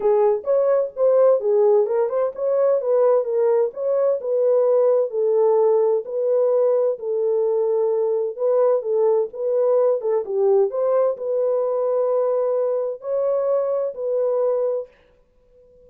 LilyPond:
\new Staff \with { instrumentName = "horn" } { \time 4/4 \tempo 4 = 129 gis'4 cis''4 c''4 gis'4 | ais'8 c''8 cis''4 b'4 ais'4 | cis''4 b'2 a'4~ | a'4 b'2 a'4~ |
a'2 b'4 a'4 | b'4. a'8 g'4 c''4 | b'1 | cis''2 b'2 | }